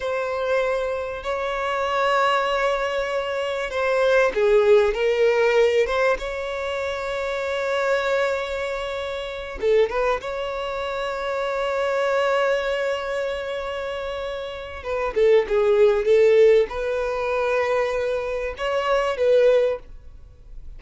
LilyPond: \new Staff \with { instrumentName = "violin" } { \time 4/4 \tempo 4 = 97 c''2 cis''2~ | cis''2 c''4 gis'4 | ais'4. c''8 cis''2~ | cis''2.~ cis''8 a'8 |
b'8 cis''2.~ cis''8~ | cis''1 | b'8 a'8 gis'4 a'4 b'4~ | b'2 cis''4 b'4 | }